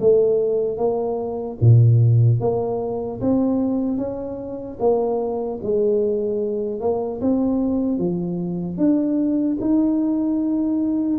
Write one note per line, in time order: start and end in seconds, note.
0.00 0.77 A3
0.77 1.57 A#3
1.60 2.40 A#2
2.40 3.20 A#3
3.20 3.97 C4
3.97 4.77 C#4
4.79 5.59 A#3
5.63 6.80 G#3
6.80 7.20 A#3
7.21 7.98 C4
7.98 8.77 F3
8.77 9.57 D4
9.61 11.19 D#4